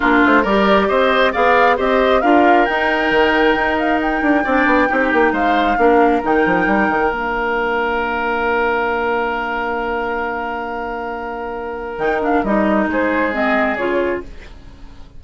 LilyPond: <<
  \new Staff \with { instrumentName = "flute" } { \time 4/4 \tempo 4 = 135 ais'8 c''8 d''4 dis''4 f''4 | dis''4 f''4 g''2~ | g''8 f''8 g''2. | f''2 g''2 |
f''1~ | f''1~ | f''2. g''8 f''8 | dis''4 c''4 dis''4 cis''4 | }
  \new Staff \with { instrumentName = "oboe" } { \time 4/4 f'4 ais'4 c''4 d''4 | c''4 ais'2.~ | ais'2 d''4 g'4 | c''4 ais'2.~ |
ais'1~ | ais'1~ | ais'1~ | ais'4 gis'2. | }
  \new Staff \with { instrumentName = "clarinet" } { \time 4/4 d'4 g'2 gis'4 | g'4 f'4 dis'2~ | dis'2 d'4 dis'4~ | dis'4 d'4 dis'2 |
d'1~ | d'1~ | d'2. dis'8 d'8 | dis'2 c'4 f'4 | }
  \new Staff \with { instrumentName = "bassoon" } { \time 4/4 ais8 a8 g4 c'4 b4 | c'4 d'4 dis'4 dis4 | dis'4. d'8 c'8 b8 c'8 ais8 | gis4 ais4 dis8 f8 g8 dis8 |
ais1~ | ais1~ | ais2. dis4 | g4 gis2 cis4 | }
>>